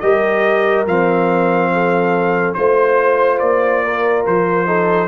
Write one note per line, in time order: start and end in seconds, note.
0.00 0.86 G3
0.00 0.86 G4
0.00 1.72 A#4
0.00 0.85 D#5
0.86 2.55 F3
0.86 2.56 C4
0.86 2.54 F5
1.73 2.57 A4
2.54 3.40 A3
2.54 4.66 F4
2.54 3.38 C5
2.54 3.84 C5
3.39 4.25 A#3
3.39 4.23 D5
3.84 4.67 A#4
4.26 5.08 F3
4.26 5.08 C5
4.66 5.08 D#4
4.66 5.08 A4